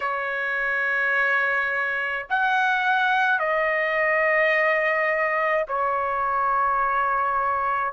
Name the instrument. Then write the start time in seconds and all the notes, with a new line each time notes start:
trumpet
0.00 C#5
2.30 F#5
3.39 D#5
5.68 C#5